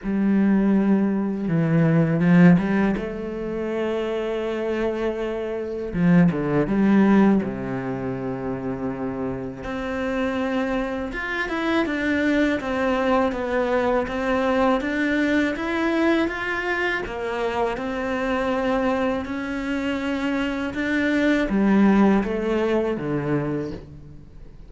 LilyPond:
\new Staff \with { instrumentName = "cello" } { \time 4/4 \tempo 4 = 81 g2 e4 f8 g8 | a1 | f8 d8 g4 c2~ | c4 c'2 f'8 e'8 |
d'4 c'4 b4 c'4 | d'4 e'4 f'4 ais4 | c'2 cis'2 | d'4 g4 a4 d4 | }